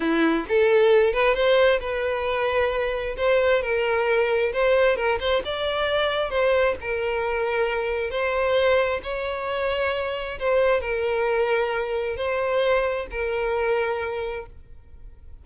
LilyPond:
\new Staff \with { instrumentName = "violin" } { \time 4/4 \tempo 4 = 133 e'4 a'4. b'8 c''4 | b'2. c''4 | ais'2 c''4 ais'8 c''8 | d''2 c''4 ais'4~ |
ais'2 c''2 | cis''2. c''4 | ais'2. c''4~ | c''4 ais'2. | }